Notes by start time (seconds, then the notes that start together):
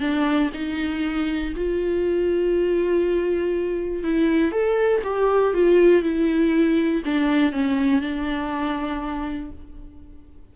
0.00 D4
0.53 D#4
1.56 F4
4.03 E4
4.52 A4
5.04 G4
5.54 F4
6.02 E4
7.05 D4
7.52 C#4
8.01 D4